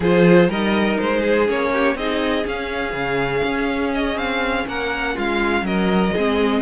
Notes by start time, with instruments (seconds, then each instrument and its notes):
0.00 cello F3, viola F4, violin G#4 C5
0.47 cello G3, viola D#4, violin A#4 D#5
0.98 cello G#3, violin C5
1.20 violin G#4
1.47 cello A#3, viola C#4, violin C#5
1.72 violin G4
1.95 cello C4, viola D#4, violin G#4 D#5
2.44 viola C#4, cello C#4, violin F5
2.92 cello C#3
3.43 cello C#4
3.94 violin D#5
4.15 cello C4, violin F5
4.67 cello A#3, violin A#4 F#5
5.14 cello G#3, violin F4 F5
5.61 cello F#3, violin A#4 D#5
6.13 cello G#3, viola C4, violin G#4